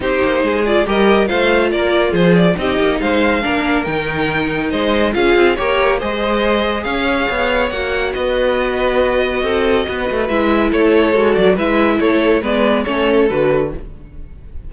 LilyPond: <<
  \new Staff \with { instrumentName = "violin" } { \time 4/4 \tempo 4 = 140 c''4. d''8 dis''4 f''4 | d''4 c''8 d''8 dis''4 f''4~ | f''4 g''2 dis''4 | f''4 cis''4 dis''2 |
f''2 fis''4 dis''4~ | dis''1 | e''4 cis''4. d''8 e''4 | cis''4 d''4 cis''4 b'4 | }
  \new Staff \with { instrumentName = "violin" } { \time 4/4 g'4 gis'4 ais'4 c''4 | ais'4 gis'4 g'4 c''4 | ais'2. c''4 | gis'4 ais'4 c''2 |
cis''2. b'4~ | b'2 a'4 b'4~ | b'4 a'2 b'4 | a'4 b'4 a'2 | }
  \new Staff \with { instrumentName = "viola" } { \time 4/4 dis'4. f'8 g'4 f'4~ | f'2 dis'2 | d'4 dis'2. | f'4 g'4 gis'2~ |
gis'2 fis'2~ | fis'1 | e'2 fis'4 e'4~ | e'4 b4 cis'4 fis'4 | }
  \new Staff \with { instrumentName = "cello" } { \time 4/4 c'8 ais8 gis4 g4 a4 | ais4 f4 c'8 ais8 gis4 | ais4 dis2 gis4 | cis'8 c'8 ais4 gis2 |
cis'4 b4 ais4 b4~ | b2 c'4 b8 a8 | gis4 a4 gis8 fis8 gis4 | a4 gis4 a4 d4 | }
>>